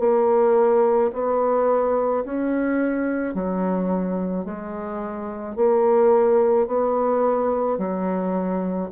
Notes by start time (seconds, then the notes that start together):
0.00 A#3
1.14 B3
2.25 C#4
3.35 F#3
4.45 G#3
5.56 A#3
6.68 B3
7.78 F#3